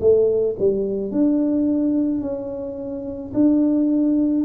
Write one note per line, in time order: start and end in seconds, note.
0.00 0.56 A3
0.59 1.11 G3
1.11 2.22 D4
2.22 3.33 C#4
3.33 4.44 D4